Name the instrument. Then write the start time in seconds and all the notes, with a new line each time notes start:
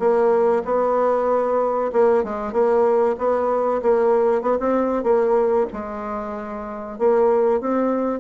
bassoon
0.00 A#3
0.65 B3
1.93 A#3
2.24 G#3
2.53 A#3
3.19 B3
3.83 A#3
4.42 B3
4.60 C4
5.04 A#3
5.73 G#3
6.99 A#3
7.61 C4